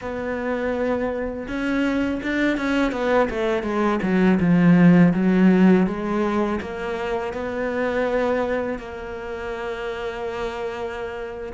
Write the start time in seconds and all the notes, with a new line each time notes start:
0.01 B3
1.48 C#4
2.23 D4
2.57 C#4
2.92 B3
3.30 A3
3.63 G#3
4.02 F#3
4.39 F3
5.13 F#3
5.86 G#3
6.61 A#3
7.33 B3
8.78 A#3